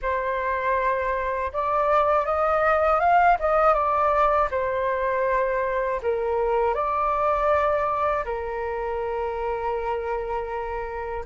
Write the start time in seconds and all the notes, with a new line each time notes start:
0.01 C5
1.52 D5
2.25 D#5
3.00 F5
3.39 D#5
3.73 D5
4.50 C5
6.02 A#4
6.74 D5
8.24 A#4